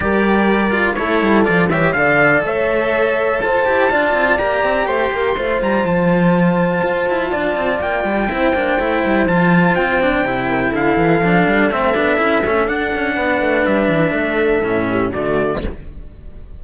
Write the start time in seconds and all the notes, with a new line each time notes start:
0.00 G3 G4 A#4 D5
0.70 F4
0.94 A3 E4 A4 C#5
1.22 G3
1.44 F3 F4 D5
1.69 E3 G4 C#5 E5
1.92 D3 A4 D5 F5
2.42 A3 C#5 E5
3.41 F4 C5 A5
3.65 E4 G4
3.90 D4 F4 D5
4.13 C4
4.38 A#3 G4 A#5
4.63 C4
4.86 A3 C5 C6
5.11 A#3 A#4
5.36 A3 F4 C5
5.61 G3 A#5
5.83 F3 A5
6.83 F4
7.08 E4
7.31 D4 D5
7.55 C4
7.80 A#3 G5
8.03 G3
8.29 C4 E4 C5
8.52 A#3 D4
8.79 A3 E4
9.05 G3
9.26 F3 F4 A5
9.75 C4 G5
10.01 D4
10.22 C3 E4
10.48 A#4
10.71 D3 A4 F5
10.97 E3
11.20 F3 D4
11.46 G3
11.70 A3 C4 E5
11.94 B3 D4
12.17 C#4 E4
12.44 A3 C#4
12.67 D4 F#5
12.95 C#4
13.15 B3 B4
13.41 A3
13.65 G3 E5
13.89 E3
14.11 A3 A4
14.62 A2 C#4
14.90 G4
15.10 D3 A3 F#4 D5